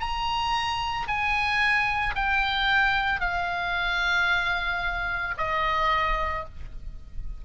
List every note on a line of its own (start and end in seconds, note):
0.00 1.07 A#5
1.08 2.15 G#5
2.15 3.20 G5
3.20 5.34 F5
5.38 6.45 D#5